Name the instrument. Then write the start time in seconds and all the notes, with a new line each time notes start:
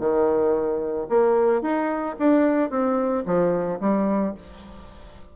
bassoon
0.00 D#3
1.09 A#3
1.62 D#4
2.19 D4
2.71 C4
3.26 F3
3.81 G3